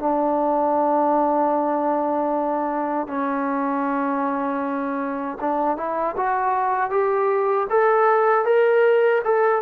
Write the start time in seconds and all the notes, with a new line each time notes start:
0.00 D4
3.08 C#4
5.41 D4
5.77 E4
6.17 F#4
6.91 G4
7.70 A4
8.45 A#4
9.24 A4